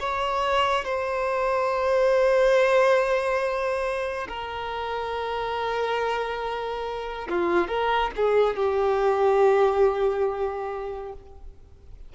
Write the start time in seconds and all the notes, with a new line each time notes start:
0.00 C#5
0.85 C5
4.28 A#4
7.29 F4
7.68 A#4
8.16 G#4
8.56 G4